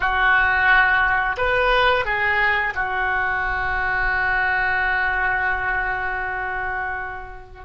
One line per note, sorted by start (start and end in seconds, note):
0.00 1.36 F#4
1.37 2.05 B4
2.05 2.73 G#4
2.74 7.65 F#4